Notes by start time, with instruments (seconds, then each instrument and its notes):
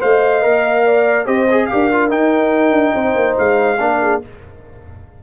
0.00 tuba A3, trombone C5, horn D#5, trumpet F5
0.42 tuba A#3, trombone A#4
0.86 horn D5
1.25 tuba C4, trombone G4, horn C5, trumpet D#5
1.51 trombone G#4
1.66 trombone G4, trumpet F5
1.73 tuba D4, horn A#4
1.91 trombone F4
2.10 trombone D#4, tuba D#4, trumpet G5
2.72 tuba D4
2.94 tuba C4, horn C5
3.15 tuba A#3
3.38 tuba G#3, trumpet F5
3.79 tuba A#3, trombone D4, horn A#4
4.02 horn G#4